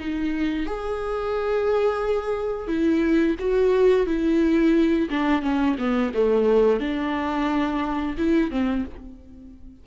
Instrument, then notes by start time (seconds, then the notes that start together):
viola
0.00 D#4
0.66 G#4
2.68 E4
3.39 F#4
4.07 E4
5.10 D4
5.42 C#4
5.79 B3
6.15 A3
6.80 D4
8.18 E4
8.51 C4